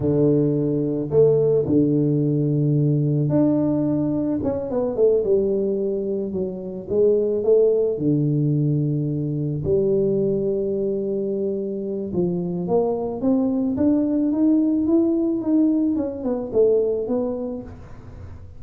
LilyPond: \new Staff \with { instrumentName = "tuba" } { \time 4/4 \tempo 4 = 109 d2 a4 d4~ | d2 d'2 | cis'8 b8 a8 g2 fis8~ | fis8 gis4 a4 d4.~ |
d4. g2~ g8~ | g2 f4 ais4 | c'4 d'4 dis'4 e'4 | dis'4 cis'8 b8 a4 b4 | }